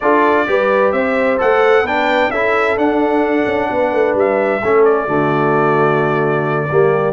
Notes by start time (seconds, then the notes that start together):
0.00 D4 F4 A4 D5
0.46 G3 G4 B4
0.92 C4 C5 E5
1.37 A3 A4 F#5
1.83 B3 D4 B4 G5
2.30 C#4 E4 A4 E5
2.76 D4 F#5
3.46 C#4
3.70 B3 B4
3.92 A3
4.14 G3 E5
4.61 A3 C#4 A4
4.84 D5
5.05 D3 A3 F#4
6.70 G3 A#3 G4